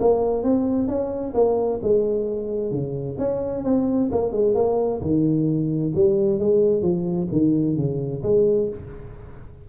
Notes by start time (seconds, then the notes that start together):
0.00 A#3
0.43 C4
0.88 C#4
1.34 A#3
1.83 G#3
2.71 C#3
3.19 C#4
3.64 C4
4.12 A#3
4.32 G#3
4.55 A#3
5.01 D#3
5.95 G3
6.39 G#3
6.82 F3
7.32 D#3
7.77 C#3
8.23 G#3